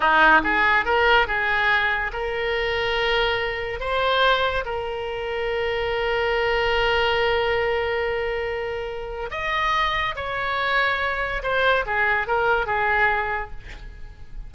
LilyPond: \new Staff \with { instrumentName = "oboe" } { \time 4/4 \tempo 4 = 142 dis'4 gis'4 ais'4 gis'4~ | gis'4 ais'2.~ | ais'4 c''2 ais'4~ | ais'1~ |
ais'1~ | ais'2 dis''2 | cis''2. c''4 | gis'4 ais'4 gis'2 | }